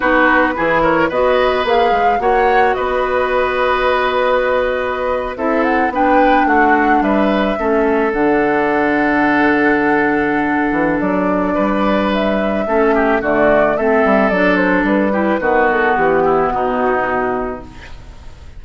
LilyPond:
<<
  \new Staff \with { instrumentName = "flute" } { \time 4/4 \tempo 4 = 109 b'4. cis''8 dis''4 f''4 | fis''4 dis''2.~ | dis''4.~ dis''16 e''8 fis''8 g''4 fis''16~ | fis''8. e''2 fis''4~ fis''16~ |
fis''1 | d''2 e''2 | d''4 e''4 d''8 c''8 b'4~ | b'8 a'8 g'4 fis'2 | }
  \new Staff \with { instrumentName = "oboe" } { \time 4/4 fis'4 gis'8 ais'8 b'2 | cis''4 b'2.~ | b'4.~ b'16 a'4 b'4 fis'16~ | fis'8. b'4 a'2~ a'16~ |
a'1~ | a'4 b'2 a'8 g'8 | fis'4 a'2~ a'8 g'8 | fis'4. e'8 dis'2 | }
  \new Staff \with { instrumentName = "clarinet" } { \time 4/4 dis'4 e'4 fis'4 gis'4 | fis'1~ | fis'4.~ fis'16 e'4 d'4~ d'16~ | d'4.~ d'16 cis'4 d'4~ d'16~ |
d'1~ | d'2. cis'4 | a4 c'4 d'4. e'8 | b1 | }
  \new Staff \with { instrumentName = "bassoon" } { \time 4/4 b4 e4 b4 ais8 gis8 | ais4 b2.~ | b4.~ b16 c'4 b4 a16~ | a8. g4 a4 d4~ d16~ |
d2.~ d8 e8 | fis4 g2 a4 | d4 a8 g8 fis4 g4 | dis4 e4 b,2 | }
>>